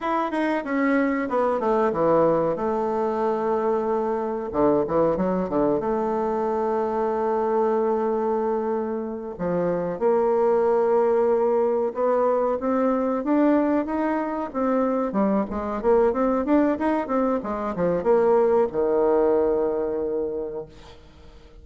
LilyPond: \new Staff \with { instrumentName = "bassoon" } { \time 4/4 \tempo 4 = 93 e'8 dis'8 cis'4 b8 a8 e4 | a2. d8 e8 | fis8 d8 a2.~ | a2~ a8 f4 ais8~ |
ais2~ ais8 b4 c'8~ | c'8 d'4 dis'4 c'4 g8 | gis8 ais8 c'8 d'8 dis'8 c'8 gis8 f8 | ais4 dis2. | }